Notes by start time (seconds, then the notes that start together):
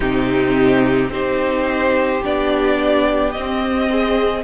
0.00 C3 C4 D#4 G4
1.09 C4 D#4 G4 C5
2.23 B3 D4 D5
3.31 C4 D#5
3.91 G#4